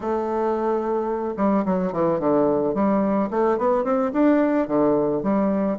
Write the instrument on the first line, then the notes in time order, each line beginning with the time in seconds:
bassoon
0.00 A3
1.36 G3
1.65 F#3
1.92 E3
2.19 D3
2.74 G3
3.30 A3
3.58 B3
3.84 C4
4.13 D4
4.67 D3
5.22 G3